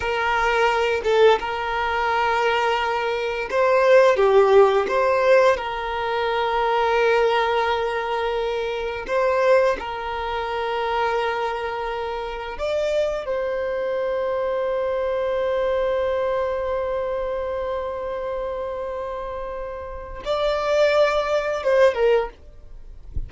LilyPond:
\new Staff \with { instrumentName = "violin" } { \time 4/4 \tempo 4 = 86 ais'4. a'8 ais'2~ | ais'4 c''4 g'4 c''4 | ais'1~ | ais'4 c''4 ais'2~ |
ais'2 d''4 c''4~ | c''1~ | c''1~ | c''4 d''2 c''8 ais'8 | }